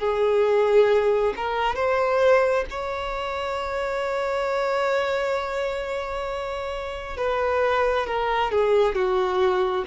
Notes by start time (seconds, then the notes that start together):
0.00 G#4
1.37 A#4
1.76 C5
2.71 C#5
7.17 B4
8.07 A#4
8.52 G#4
8.96 F#4